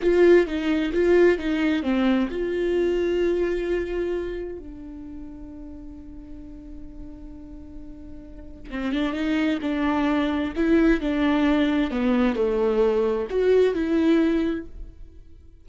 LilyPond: \new Staff \with { instrumentName = "viola" } { \time 4/4 \tempo 4 = 131 f'4 dis'4 f'4 dis'4 | c'4 f'2.~ | f'2 d'2~ | d'1~ |
d'2. c'8 d'8 | dis'4 d'2 e'4 | d'2 b4 a4~ | a4 fis'4 e'2 | }